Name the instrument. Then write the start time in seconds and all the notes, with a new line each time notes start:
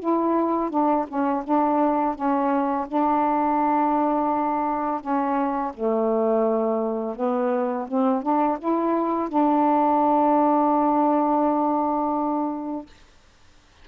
saxophone
0.00 E4
0.70 D4
1.08 C#4
1.44 D4
2.16 C#4
2.88 D4
5.01 C#4
5.74 A3
7.16 B3
7.88 C4
8.22 D4
8.59 E4
9.29 D4